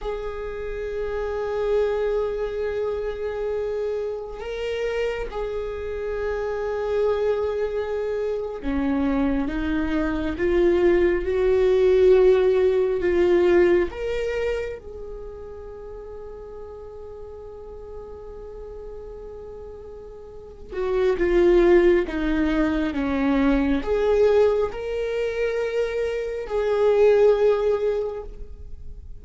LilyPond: \new Staff \with { instrumentName = "viola" } { \time 4/4 \tempo 4 = 68 gis'1~ | gis'4 ais'4 gis'2~ | gis'4.~ gis'16 cis'4 dis'4 f'16~ | f'8. fis'2 f'4 ais'16~ |
ais'8. gis'2.~ gis'16~ | gis'2.~ gis'8 fis'8 | f'4 dis'4 cis'4 gis'4 | ais'2 gis'2 | }